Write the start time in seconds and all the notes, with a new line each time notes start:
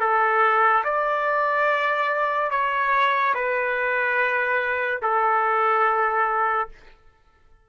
0.00 A4
0.84 D5
2.51 C#5
3.34 B4
5.02 A4